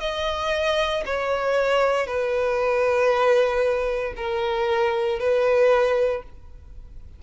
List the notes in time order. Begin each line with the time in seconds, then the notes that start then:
0.00 D#5
1.06 C#5
2.07 B4
4.16 A#4
5.19 B4